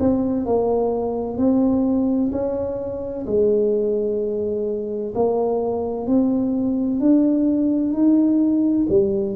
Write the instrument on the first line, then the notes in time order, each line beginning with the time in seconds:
tuba
0.00 C4
0.46 A#3
1.38 C4
2.32 C#4
3.26 G#3
5.15 A#3
6.07 C4
7.00 D4
7.93 D#4
8.89 G3